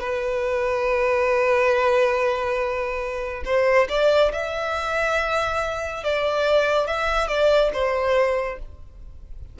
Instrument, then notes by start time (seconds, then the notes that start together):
violin
0.00 B4
3.45 C5
3.89 D5
4.32 E5
6.04 D5
6.86 E5
7.27 D5
7.73 C5